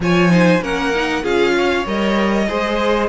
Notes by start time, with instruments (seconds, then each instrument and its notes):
0.00 cello F3, viola F4, violin C#5 G#5
0.29 viola D#4, violin C5
0.61 cello A#3, viola C#4, violin A#4 F#5
0.95 viola D#4
1.22 cello C#4, viola F4, violin G#4 F5
1.56 violin C#5
1.86 cello G3, viola A#4, violin D#5
2.47 cello G#3, viola G#4, violin C5